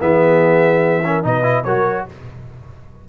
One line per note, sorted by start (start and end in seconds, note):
0.00 1.24 E3
0.00 1.03 B3
0.00 1.04 G#4
0.00 1.25 E5
1.04 1.23 C#4
1.04 1.26 A#4
1.23 1.65 B2
1.23 1.43 D#4
1.23 1.65 B4
1.23 1.64 D#5
1.43 1.64 E4
1.64 2.06 F#3
1.64 2.09 F#4
1.64 2.06 A#4
1.64 2.05 C#5